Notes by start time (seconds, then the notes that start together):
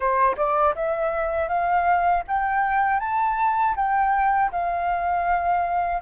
0.00 C5
0.36 D5
0.75 E5
1.48 F5
2.27 G5
2.99 A5
3.76 G5
4.51 F5